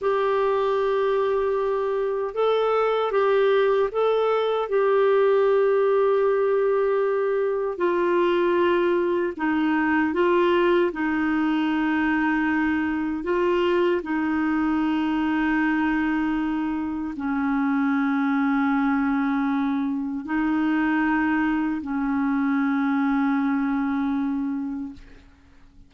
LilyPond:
\new Staff \with { instrumentName = "clarinet" } { \time 4/4 \tempo 4 = 77 g'2. a'4 | g'4 a'4 g'2~ | g'2 f'2 | dis'4 f'4 dis'2~ |
dis'4 f'4 dis'2~ | dis'2 cis'2~ | cis'2 dis'2 | cis'1 | }